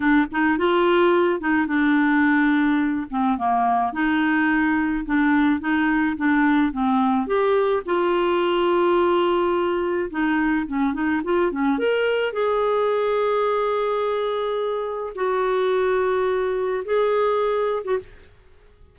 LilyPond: \new Staff \with { instrumentName = "clarinet" } { \time 4/4 \tempo 4 = 107 d'8 dis'8 f'4. dis'8 d'4~ | d'4. c'8 ais4 dis'4~ | dis'4 d'4 dis'4 d'4 | c'4 g'4 f'2~ |
f'2 dis'4 cis'8 dis'8 | f'8 cis'8 ais'4 gis'2~ | gis'2. fis'4~ | fis'2 gis'4.~ gis'16 fis'16 | }